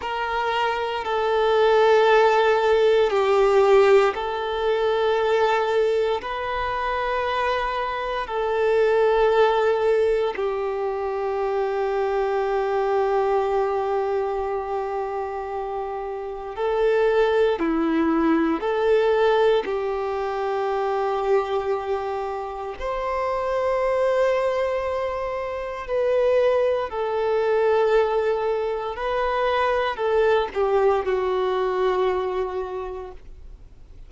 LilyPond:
\new Staff \with { instrumentName = "violin" } { \time 4/4 \tempo 4 = 58 ais'4 a'2 g'4 | a'2 b'2 | a'2 g'2~ | g'1 |
a'4 e'4 a'4 g'4~ | g'2 c''2~ | c''4 b'4 a'2 | b'4 a'8 g'8 fis'2 | }